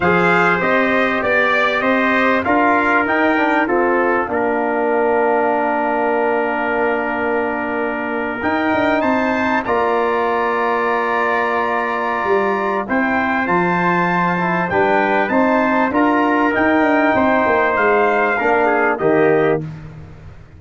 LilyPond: <<
  \new Staff \with { instrumentName = "trumpet" } { \time 4/4 \tempo 4 = 98 f''4 dis''4 d''4 dis''4 | f''4 g''4 f''2~ | f''1~ | f''4.~ f''16 g''4 a''4 ais''16~ |
ais''1~ | ais''4 g''4 a''2 | g''4 a''4 ais''4 g''4~ | g''4 f''2 dis''4 | }
  \new Staff \with { instrumentName = "trumpet" } { \time 4/4 c''2 d''4 c''4 | ais'2 a'4 ais'4~ | ais'1~ | ais'2~ ais'8. c''4 d''16~ |
d''1~ | d''4 c''2. | b'4 c''4 ais'2 | c''2 ais'8 gis'8 g'4 | }
  \new Staff \with { instrumentName = "trombone" } { \time 4/4 gis'4 g'2. | f'4 dis'8 d'8 c'4 d'4~ | d'1~ | d'4.~ d'16 dis'2 f'16~ |
f'1~ | f'4 e'4 f'4. e'8 | d'4 dis'4 f'4 dis'4~ | dis'2 d'4 ais4 | }
  \new Staff \with { instrumentName = "tuba" } { \time 4/4 f4 c'4 b4 c'4 | d'4 dis'4 f'4 ais4~ | ais1~ | ais4.~ ais16 dis'8 d'8 c'4 ais16~ |
ais1 | g4 c'4 f2 | g4 c'4 d'4 dis'8 d'8 | c'8 ais8 gis4 ais4 dis4 | }
>>